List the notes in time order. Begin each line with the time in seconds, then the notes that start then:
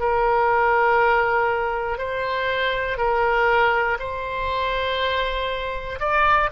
0.00 A#4
1.99 C5
2.98 A#4
4.00 C5
6.00 D5